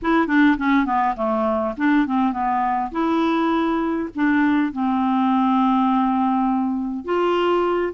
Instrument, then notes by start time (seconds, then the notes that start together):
clarinet
0.02 E4
0.27 D4
0.57 C#4
0.85 B3
1.16 A3
1.77 D4
2.06 C4
2.32 B3
2.91 E4
4.15 D4
4.72 C4
7.04 F4